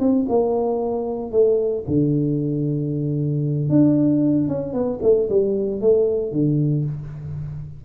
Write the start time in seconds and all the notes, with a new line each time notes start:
0.00 C4
0.29 A#3
1.32 A3
1.88 D3
3.69 D4
4.48 C#4
4.73 B3
5.03 A3
5.29 G3
5.81 A3
6.32 D3